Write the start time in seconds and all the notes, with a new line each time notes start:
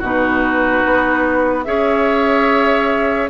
0.00 B2 D#4 F#4 B4
0.85 B3
1.65 C#4 G#4 C#5 E5